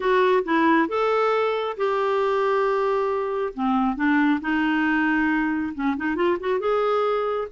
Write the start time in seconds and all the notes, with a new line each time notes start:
0.00 F#4
0.44 E4
0.88 A4
1.77 G4
3.54 C4
3.96 D4
4.40 D#4
5.74 C#4
5.96 D#4
6.15 F4
6.40 F#4
6.59 G#4